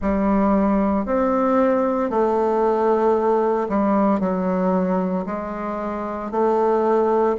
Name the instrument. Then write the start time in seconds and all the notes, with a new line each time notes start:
bassoon
0.01 G3
1.05 C4
2.10 A3
3.68 G3
4.20 F#3
5.26 G#3
6.31 A3